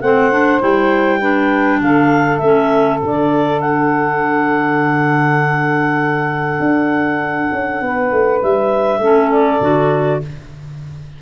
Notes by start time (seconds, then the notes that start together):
0.00 A3 C4 C5 F#5
0.31 D4
0.60 G3 E4 G5
1.19 D4 B4
1.80 D3 A4 F5
2.37 A3 C#4 E5
3.00 D3 D4 D5
3.60 F#5
6.59 D4
7.52 C#4
7.81 B3 B4
8.11 A3
8.42 G3 E5
8.98 A3 C#4 A4
9.31 D5
9.60 D3 F#4